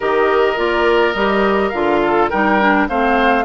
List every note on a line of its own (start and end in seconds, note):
0.00 0.57 D#3
0.00 0.56 G4
0.00 2.00 A#4
0.00 0.58 D#5
0.56 1.14 A#3
0.56 1.14 F4
0.56 1.12 D5
1.12 1.72 G3
1.12 1.73 G4
1.12 1.69 D#5
1.69 2.30 D3
1.69 2.31 F4
1.69 2.27 F5
2.02 2.29 A4
2.29 2.89 G3
2.29 2.60 D#4
2.29 2.87 A#4
2.29 2.87 G5
2.60 2.89 D4
2.88 3.44 A3
2.88 3.44 C4
2.88 3.44 C5
2.88 3.44 F5